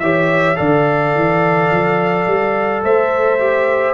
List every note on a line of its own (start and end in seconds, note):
0.00 0.57 E3
0.00 0.56 G4
0.00 0.58 C#5
0.00 0.57 E5
0.56 1.16 D3
0.56 3.39 A4
0.56 2.85 D5
0.56 2.83 F5
1.16 1.72 E3
1.72 2.28 F3
2.28 2.84 G3
2.84 3.95 A3
2.84 3.95 C5
2.84 3.95 E5
3.40 3.95 G4